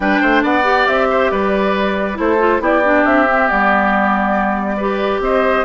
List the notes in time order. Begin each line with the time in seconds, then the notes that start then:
0.00 G3 D4 B4 G5
0.20 A3 C5
0.43 B3 D5 F#5
0.63 G4
0.87 C4 E5
1.10 C5
1.31 G3 B4 D5
2.14 A3 E4 A4 C5
2.38 F4
2.60 B3 E4 G4 D5
2.84 D4
3.05 C4 E5
3.26 C4
3.47 G3 B3 D5
4.77 G4 B4
5.20 C4 C5 D#5